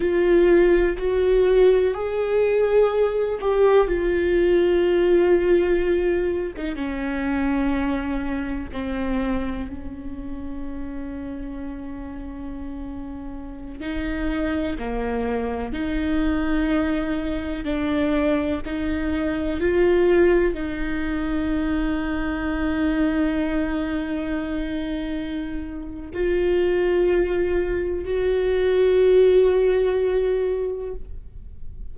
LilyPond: \new Staff \with { instrumentName = "viola" } { \time 4/4 \tempo 4 = 62 f'4 fis'4 gis'4. g'8 | f'2~ f'8. dis'16 cis'4~ | cis'4 c'4 cis'2~ | cis'2~ cis'16 dis'4 ais8.~ |
ais16 dis'2 d'4 dis'8.~ | dis'16 f'4 dis'2~ dis'8.~ | dis'2. f'4~ | f'4 fis'2. | }